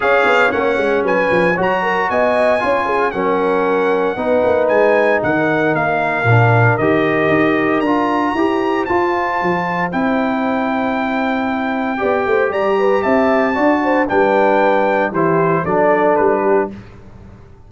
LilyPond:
<<
  \new Staff \with { instrumentName = "trumpet" } { \time 4/4 \tempo 4 = 115 f''4 fis''4 gis''4 ais''4 | gis''2 fis''2~ | fis''4 gis''4 fis''4 f''4~ | f''4 dis''2 ais''4~ |
ais''4 a''2 g''4~ | g''1 | ais''4 a''2 g''4~ | g''4 c''4 d''4 b'4 | }
  \new Staff \with { instrumentName = "horn" } { \time 4/4 cis''2 b'4 cis''8 ais'8 | dis''4 cis''8 gis'8 ais'2 | b'2 ais'2~ | ais'1 |
c''1~ | c''2. d''8 c''8 | d''8 b'8 e''4 d''8 c''8 b'4~ | b'4 g'4 a'4. g'8 | }
  \new Staff \with { instrumentName = "trombone" } { \time 4/4 gis'4 cis'2 fis'4~ | fis'4 f'4 cis'2 | dis'1 | d'4 g'2 f'4 |
g'4 f'2 e'4~ | e'2. g'4~ | g'2 fis'4 d'4~ | d'4 e'4 d'2 | }
  \new Staff \with { instrumentName = "tuba" } { \time 4/4 cis'8 b8 ais8 gis8 fis8 f8 fis4 | b4 cis'4 fis2 | b8 ais8 gis4 dis4 ais4 | ais,4 dis4 dis'4 d'4 |
e'4 f'4 f4 c'4~ | c'2. b8 a8 | g4 c'4 d'4 g4~ | g4 e4 fis4 g4 | }
>>